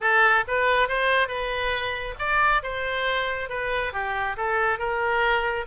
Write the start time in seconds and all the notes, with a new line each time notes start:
0.00 A4
0.47 B4
0.88 C5
1.27 B4
2.19 D5
2.62 C5
3.49 B4
3.92 G4
4.36 A4
4.78 A#4